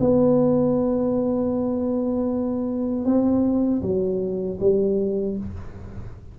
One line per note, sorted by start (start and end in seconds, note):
0.00 3.05 B3
3.05 3.82 C4
3.82 4.59 F#3
4.60 5.37 G3